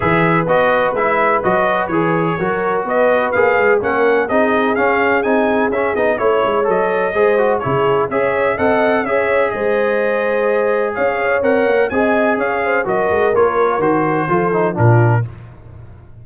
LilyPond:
<<
  \new Staff \with { instrumentName = "trumpet" } { \time 4/4 \tempo 4 = 126 e''4 dis''4 e''4 dis''4 | cis''2 dis''4 f''4 | fis''4 dis''4 f''4 gis''4 | e''8 dis''8 cis''4 dis''2 |
cis''4 e''4 fis''4 e''4 | dis''2. f''4 | fis''4 gis''4 f''4 dis''4 | cis''4 c''2 ais'4 | }
  \new Staff \with { instrumentName = "horn" } { \time 4/4 b'1~ | b'4 ais'4 b'2 | ais'4 gis'2.~ | gis'4 cis''2 c''4 |
gis'4 cis''4 dis''4 cis''4 | c''2. cis''4~ | cis''4 dis''4 cis''8 c''8 ais'4~ | ais'2 a'4 f'4 | }
  \new Staff \with { instrumentName = "trombone" } { \time 4/4 gis'4 fis'4 e'4 fis'4 | gis'4 fis'2 gis'4 | cis'4 dis'4 cis'4 dis'4 | cis'8 dis'8 e'4 a'4 gis'8 fis'8 |
e'4 gis'4 a'4 gis'4~ | gis'1 | ais'4 gis'2 fis'4 | f'4 fis'4 f'8 dis'8 d'4 | }
  \new Staff \with { instrumentName = "tuba" } { \time 4/4 e4 b4 gis4 fis4 | e4 fis4 b4 ais8 gis8 | ais4 c'4 cis'4 c'4 | cis'8 b8 a8 gis8 fis4 gis4 |
cis4 cis'4 c'4 cis'4 | gis2. cis'4 | c'8 ais8 c'4 cis'4 fis8 gis8 | ais4 dis4 f4 ais,4 | }
>>